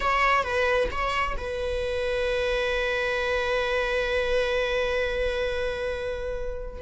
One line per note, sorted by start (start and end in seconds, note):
0.00 0.43 C#5
0.43 0.89 B4
0.91 1.36 C#5
1.37 6.82 B4